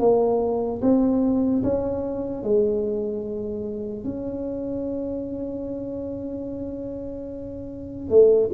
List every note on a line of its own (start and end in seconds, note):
0.00 0.81 A#3
0.81 1.63 C4
1.63 2.43 C#4
2.43 4.04 G#3
4.04 8.10 C#4
8.10 8.50 A3